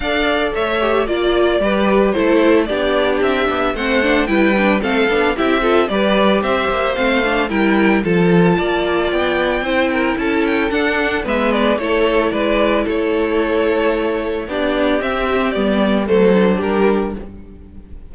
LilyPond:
<<
  \new Staff \with { instrumentName = "violin" } { \time 4/4 \tempo 4 = 112 f''4 e''4 d''2 | c''4 d''4 e''4 fis''4 | g''4 f''4 e''4 d''4 | e''4 f''4 g''4 a''4~ |
a''4 g''2 a''8 g''8 | fis''4 e''8 d''8 cis''4 d''4 | cis''2. d''4 | e''4 d''4 c''4 ais'4 | }
  \new Staff \with { instrumentName = "violin" } { \time 4/4 d''4 cis''4 d''4 b'4 | a'4 g'2 c''4 | b'4 a'4 g'8 a'8 b'4 | c''2 ais'4 a'4 |
d''2 c''8 ais'8 a'4~ | a'4 b'4 a'4 b'4 | a'2. g'4~ | g'2 a'4 g'4 | }
  \new Staff \with { instrumentName = "viola" } { \time 4/4 a'4. g'8 f'4 g'4 | e'4 d'2 c'8 d'8 | e'8 d'8 c'8 d'8 e'8 f'8 g'4~ | g'4 c'8 d'8 e'4 f'4~ |
f'2 e'2 | d'4 b4 e'2~ | e'2. d'4 | c'4 b4 a8 d'4. | }
  \new Staff \with { instrumentName = "cello" } { \time 4/4 d'4 a4 ais4 g4 | a4 b4 c'8 b8 a4 | g4 a8 b8 c'4 g4 | c'8 ais8 a4 g4 f4 |
ais4 b4 c'4 cis'4 | d'4 gis4 a4 gis4 | a2. b4 | c'4 g4 fis4 g4 | }
>>